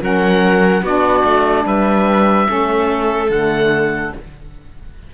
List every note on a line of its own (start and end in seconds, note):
0.00 0.82 F#3
0.00 0.82 C#4
0.00 0.83 A#4
0.00 0.86 F#5
0.82 1.23 B3
0.82 2.46 D4
0.82 1.65 F#4
0.82 1.67 D5
1.24 1.65 A3
1.65 2.48 G3
1.65 2.48 B4
1.65 3.31 E5
2.46 3.30 A3
2.46 3.28 C#4
2.46 4.14 A4
3.30 4.12 D3
3.30 4.13 A3
3.30 4.13 F#5